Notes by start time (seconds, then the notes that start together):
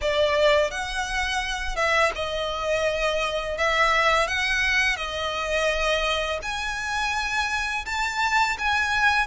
0.01 D5
0.70 F#5
1.76 E5
2.15 D#5
3.57 E5
4.27 F#5
4.96 D#5
6.42 G#5
7.85 A5
8.58 G#5